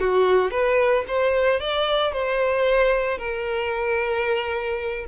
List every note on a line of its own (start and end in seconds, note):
0.00 0.51 F#4
0.51 1.04 B4
1.07 1.60 C5
1.60 2.12 D5
2.12 3.18 C5
3.18 5.05 A#4